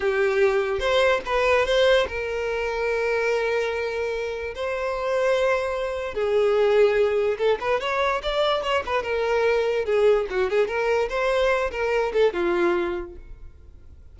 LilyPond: \new Staff \with { instrumentName = "violin" } { \time 4/4 \tempo 4 = 146 g'2 c''4 b'4 | c''4 ais'2.~ | ais'2. c''4~ | c''2. gis'4~ |
gis'2 a'8 b'8 cis''4 | d''4 cis''8 b'8 ais'2 | gis'4 fis'8 gis'8 ais'4 c''4~ | c''8 ais'4 a'8 f'2 | }